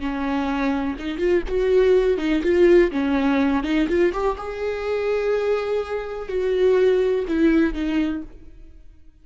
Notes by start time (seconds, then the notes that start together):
0.00 C#4
0.99 D#4
1.19 F4
1.48 F#4
2.18 D#4
2.43 F4
2.92 C#4
3.63 D#4
3.89 F4
4.13 G4
4.38 G#4
6.29 F#4
7.28 E4
7.74 D#4